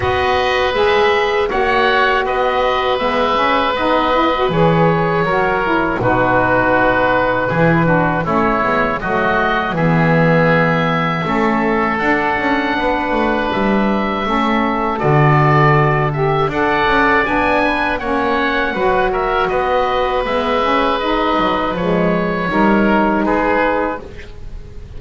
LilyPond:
<<
  \new Staff \with { instrumentName = "oboe" } { \time 4/4 \tempo 4 = 80 dis''4 e''4 fis''4 dis''4 | e''4 dis''4 cis''2 | b'2. cis''4 | dis''4 e''2. |
fis''2 e''2 | d''4. e''8 fis''4 gis''4 | fis''4. e''8 dis''4 e''4 | dis''4 cis''2 b'4 | }
  \new Staff \with { instrumentName = "oboe" } { \time 4/4 b'2 cis''4 b'4~ | b'2. ais'4 | fis'2 gis'8 fis'8 e'4 | fis'4 gis'2 a'4~ |
a'4 b'2 a'4~ | a'2 d''4. b'8 | cis''4 b'8 ais'8 b'2~ | b'2 ais'4 gis'4 | }
  \new Staff \with { instrumentName = "saxophone" } { \time 4/4 fis'4 gis'4 fis'2 | b8 cis'8 dis'8 e'16 fis'16 gis'4 fis'8 e'8 | dis'2 e'8 d'8 cis'8 b8 | a4 b2 cis'4 |
d'2. cis'4 | fis'4. g'8 a'4 d'4 | cis'4 fis'2 b8 cis'8 | dis'4 gis4 dis'2 | }
  \new Staff \with { instrumentName = "double bass" } { \time 4/4 b4 gis4 ais4 b4 | gis4 b4 e4 fis4 | b,2 e4 a8 gis8 | fis4 e2 a4 |
d'8 cis'8 b8 a8 g4 a4 | d2 d'8 cis'8 b4 | ais4 fis4 b4 gis4~ | gis8 fis8 f4 g4 gis4 | }
>>